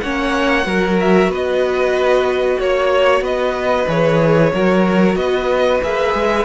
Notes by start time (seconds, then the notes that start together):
0.00 A#3 C#4 C#5 F#5
0.64 F#3 F#4 A#4
1.00 E5
1.28 B3 B4
1.34 D#5
2.59 A#3 C#5
3.21 B3 B4 D#5
3.87 E3 G#4 C#5
4.53 F#3 F#4 A#4
5.15 B3 B4 D#5
5.83 A#3 G#4 E5
6.14 G#3